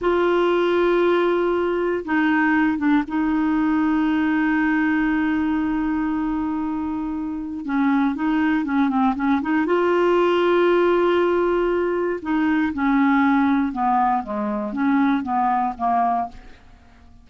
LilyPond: \new Staff \with { instrumentName = "clarinet" } { \time 4/4 \tempo 4 = 118 f'1 | dis'4. d'8 dis'2~ | dis'1~ | dis'2. cis'4 |
dis'4 cis'8 c'8 cis'8 dis'8 f'4~ | f'1 | dis'4 cis'2 b4 | gis4 cis'4 b4 ais4 | }